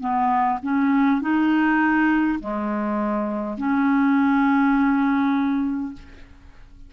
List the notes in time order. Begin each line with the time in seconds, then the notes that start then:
0.00 B3
0.62 C#4
1.21 D#4
2.40 G#3
3.58 C#4